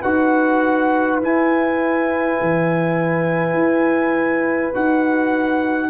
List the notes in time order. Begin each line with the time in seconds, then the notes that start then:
0.00 D#4 F#4 B4 F#5
1.22 E4 G#5
2.42 E3
3.54 E4
4.74 D#4 F#4 F#5